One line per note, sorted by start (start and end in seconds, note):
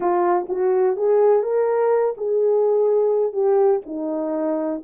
0.00 0.47 F4
0.48 0.96 F#4
0.96 1.42 G#4
1.42 2.14 A#4
2.17 3.33 G#4
3.33 3.81 G4
3.86 4.82 D#4